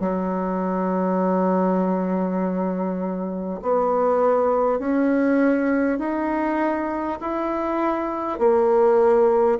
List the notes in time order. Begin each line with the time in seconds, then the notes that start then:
0.00 F#3
3.62 B3
4.79 C#4
5.99 D#4
7.21 E4
8.39 A#3